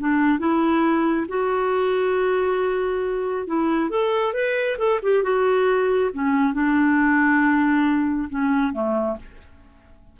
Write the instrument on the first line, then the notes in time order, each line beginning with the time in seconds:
clarinet
0.00 D4
0.39 E4
1.28 F#4
3.47 E4
3.90 A4
4.34 B4
4.78 A4
5.03 G4
5.23 F#4
6.14 C#4
6.53 D4
8.29 C#4
8.73 A3